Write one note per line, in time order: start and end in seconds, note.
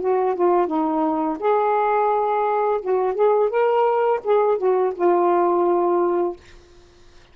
0.00 0.35 F#4
0.35 0.67 F4
0.67 1.37 D#4
1.39 2.80 G#4
2.81 3.14 F#4
3.14 3.49 G#4
3.49 4.20 A#4
4.24 4.58 G#4
4.58 4.93 F#4
4.95 6.36 F4